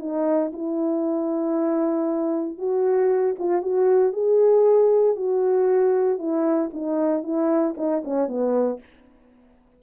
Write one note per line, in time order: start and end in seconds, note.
0.00 0.52 D#4
0.53 2.58 E4
2.58 3.36 F#4
3.39 3.62 F4
3.62 4.13 F#4
4.13 5.16 G#4
5.16 6.19 F#4
6.19 6.70 E4
6.74 7.23 D#4
7.23 7.75 E4
7.77 8.03 D#4
8.05 8.28 C#4
8.28 8.80 B3